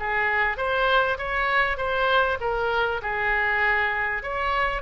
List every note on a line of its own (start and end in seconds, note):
0.00 0.58 G#4
0.58 1.18 C5
1.18 1.78 C#5
1.78 2.38 C5
2.41 3.02 A#4
3.02 4.23 G#4
4.23 4.82 C#5